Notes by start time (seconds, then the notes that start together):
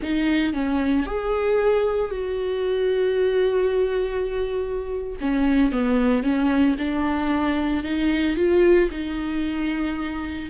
0.02 D#4
0.53 C#4
1.05 G#4
2.10 F#4
5.20 C#4
5.72 B3
6.23 C#4
6.78 D4
7.83 D#4
8.36 F4
8.90 D#4